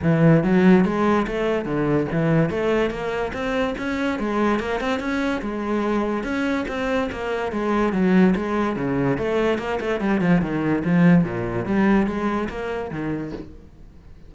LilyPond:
\new Staff \with { instrumentName = "cello" } { \time 4/4 \tempo 4 = 144 e4 fis4 gis4 a4 | d4 e4 a4 ais4 | c'4 cis'4 gis4 ais8 c'8 | cis'4 gis2 cis'4 |
c'4 ais4 gis4 fis4 | gis4 cis4 a4 ais8 a8 | g8 f8 dis4 f4 ais,4 | g4 gis4 ais4 dis4 | }